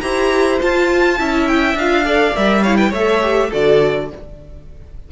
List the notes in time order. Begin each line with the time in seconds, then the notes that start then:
0.00 E4 G4 C5 A#5
0.59 F4 A5
1.18 C#4 E4 E5
1.47 G5
1.74 D4 F5
1.80 F4
2.04 A4 D5
2.34 G3 A#4 E5
2.62 E4 C#5 F5
2.76 B4 G5
2.89 A3 A4 C#5 E5
3.22 G4
3.50 D3 F#4 A4 D5